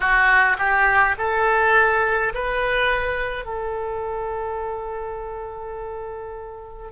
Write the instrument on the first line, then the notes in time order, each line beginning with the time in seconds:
oboe
0.00 F#4
0.58 G4
1.17 A4
2.34 B4
3.45 A4